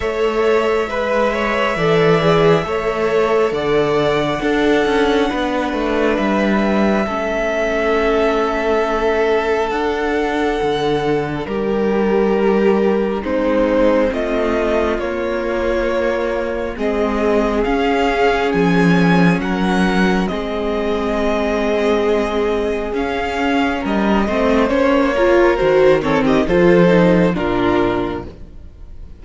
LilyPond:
<<
  \new Staff \with { instrumentName = "violin" } { \time 4/4 \tempo 4 = 68 e''1 | fis''2. e''4~ | e''2. fis''4~ | fis''4 ais'2 c''4 |
dis''4 cis''2 dis''4 | f''4 gis''4 fis''4 dis''4~ | dis''2 f''4 dis''4 | cis''4 c''8 cis''16 dis''16 c''4 ais'4 | }
  \new Staff \with { instrumentName = "violin" } { \time 4/4 cis''4 b'8 cis''8 d''4 cis''4 | d''4 a'4 b'2 | a'1~ | a'4 g'2 dis'4 |
f'2. gis'4~ | gis'2 ais'4 gis'4~ | gis'2. ais'8 c''8~ | c''8 ais'4 a'16 g'16 a'4 f'4 | }
  \new Staff \with { instrumentName = "viola" } { \time 4/4 a'4 b'4 a'8 gis'8 a'4~ | a'4 d'2. | cis'2. d'4~ | d'2. c'4~ |
c'4 ais2 c'4 | cis'2. c'4~ | c'2 cis'4. c'8 | cis'8 f'8 fis'8 c'8 f'8 dis'8 d'4 | }
  \new Staff \with { instrumentName = "cello" } { \time 4/4 a4 gis4 e4 a4 | d4 d'8 cis'8 b8 a8 g4 | a2. d'4 | d4 g2 gis4 |
a4 ais2 gis4 | cis'4 f4 fis4 gis4~ | gis2 cis'4 g8 a8 | ais4 dis4 f4 ais,4 | }
>>